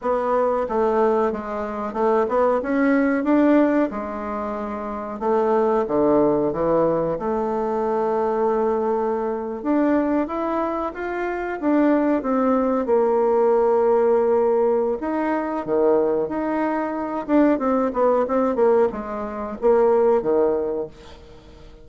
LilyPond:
\new Staff \with { instrumentName = "bassoon" } { \time 4/4 \tempo 4 = 92 b4 a4 gis4 a8 b8 | cis'4 d'4 gis2 | a4 d4 e4 a4~ | a2~ a8. d'4 e'16~ |
e'8. f'4 d'4 c'4 ais16~ | ais2. dis'4 | dis4 dis'4. d'8 c'8 b8 | c'8 ais8 gis4 ais4 dis4 | }